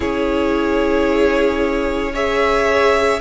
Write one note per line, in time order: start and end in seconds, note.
0.00 3.20 C#4
0.00 2.13 E4
0.00 2.12 G#4
0.00 2.15 C#5
2.13 3.21 G#4
2.13 3.20 C#5
2.13 3.21 E5